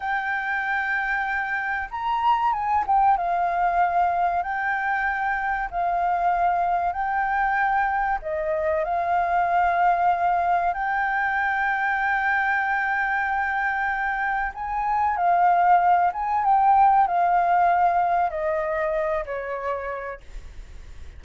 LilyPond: \new Staff \with { instrumentName = "flute" } { \time 4/4 \tempo 4 = 95 g''2. ais''4 | gis''8 g''8 f''2 g''4~ | g''4 f''2 g''4~ | g''4 dis''4 f''2~ |
f''4 g''2.~ | g''2. gis''4 | f''4. gis''8 g''4 f''4~ | f''4 dis''4. cis''4. | }